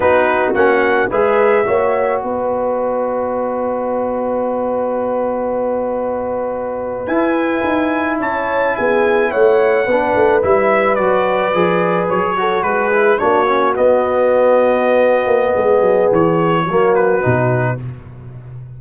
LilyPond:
<<
  \new Staff \with { instrumentName = "trumpet" } { \time 4/4 \tempo 4 = 108 b'4 fis''4 e''2 | dis''1~ | dis''1~ | dis''8. gis''2 a''4 gis''16~ |
gis''8. fis''2 e''4 d''16~ | d''4.~ d''16 cis''4 b'4 cis''16~ | cis''8. dis''2.~ dis''16~ | dis''4 cis''4. b'4. | }
  \new Staff \with { instrumentName = "horn" } { \time 4/4 fis'2 b'4 cis''4 | b'1~ | b'1~ | b'2~ b'8. cis''4 gis'16~ |
gis'8. cis''4 b'2~ b'16~ | b'2~ b'16 a'8 gis'4 fis'16~ | fis'1 | gis'2 fis'2 | }
  \new Staff \with { instrumentName = "trombone" } { \time 4/4 dis'4 cis'4 gis'4 fis'4~ | fis'1~ | fis'1~ | fis'8. e'2.~ e'16~ |
e'4.~ e'16 d'4 e'4 fis'16~ | fis'8. gis'4. fis'4 e'8 d'16~ | d'16 cis'8 b2.~ b16~ | b2 ais4 dis'4 | }
  \new Staff \with { instrumentName = "tuba" } { \time 4/4 b4 ais4 gis4 ais4 | b1~ | b1~ | b8. e'4 dis'4 cis'4 b16~ |
b8. a4 b8 a8 g4 fis16~ | fis8. f4 fis4 gis4 ais16~ | ais8. b2~ b8. ais8 | gis8 fis8 e4 fis4 b,4 | }
>>